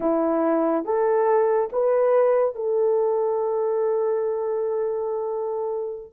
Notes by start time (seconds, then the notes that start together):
0.00 E4
0.85 A4
1.72 B4
2.55 A4